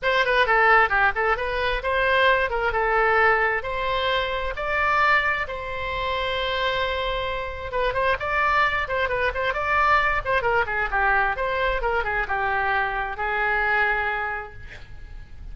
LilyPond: \new Staff \with { instrumentName = "oboe" } { \time 4/4 \tempo 4 = 132 c''8 b'8 a'4 g'8 a'8 b'4 | c''4. ais'8 a'2 | c''2 d''2 | c''1~ |
c''4 b'8 c''8 d''4. c''8 | b'8 c''8 d''4. c''8 ais'8 gis'8 | g'4 c''4 ais'8 gis'8 g'4~ | g'4 gis'2. | }